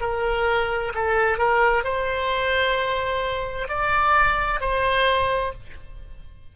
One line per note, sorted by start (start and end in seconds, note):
0.00 0.92 A#4
0.94 1.38 A4
1.38 1.83 A#4
1.83 3.68 C5
3.68 4.60 D5
4.60 5.52 C5